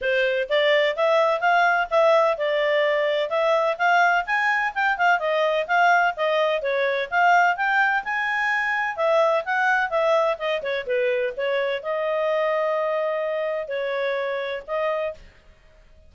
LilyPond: \new Staff \with { instrumentName = "clarinet" } { \time 4/4 \tempo 4 = 127 c''4 d''4 e''4 f''4 | e''4 d''2 e''4 | f''4 gis''4 g''8 f''8 dis''4 | f''4 dis''4 cis''4 f''4 |
g''4 gis''2 e''4 | fis''4 e''4 dis''8 cis''8 b'4 | cis''4 dis''2.~ | dis''4 cis''2 dis''4 | }